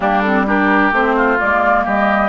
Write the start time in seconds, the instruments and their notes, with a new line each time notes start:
0.00 bassoon G3, clarinet A#3, oboe D4, flute G4
0.21 clarinet C4, flute A4
0.46 clarinet D4, oboe G4, flute A#4
0.91 bassoon A3, clarinet C4, flute C5
1.16 oboe F4
1.37 bassoon G#3, clarinet A#3, flute D5
1.84 bassoon G3, oboe G4, flute D#5